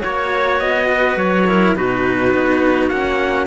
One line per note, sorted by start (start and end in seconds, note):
0.00 0.60 A#3
0.00 1.44 F#4
0.00 0.87 C#5
0.00 0.59 C#5
0.59 1.16 B3
0.59 1.17 D#5
0.93 1.48 B4
1.16 1.74 F#3
1.16 1.75 C#5
1.47 1.75 E4
1.47 1.76 A#4
1.75 2.33 B2
1.75 2.91 D#4
1.75 3.46 F#4
1.75 2.89 B4
2.33 2.89 B3
2.89 3.46 A#3
2.89 3.46 C#4
2.89 3.46 F#5